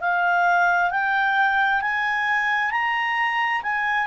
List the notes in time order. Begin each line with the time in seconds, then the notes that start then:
0.00 F5
0.90 G5
1.81 G#5
2.71 A#5
3.62 G#5